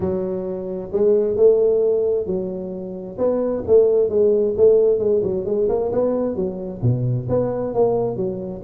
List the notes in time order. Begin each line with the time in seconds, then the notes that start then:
0.00 F#3
0.92 G#3
1.36 A3
2.26 F#3
3.18 B3
3.66 A3
4.09 G#3
4.56 A3
4.99 G#3
5.23 F#3
5.45 G#3
5.69 A#3
5.92 B3
6.35 F#3
6.82 B2
7.28 B3
7.74 A#3
8.16 F#3